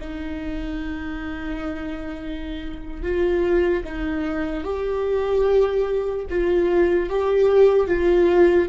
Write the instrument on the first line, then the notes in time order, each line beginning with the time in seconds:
viola
0.00 D#4
3.02 F4
3.84 D#4
4.64 G4
6.29 F4
7.09 G4
7.87 F4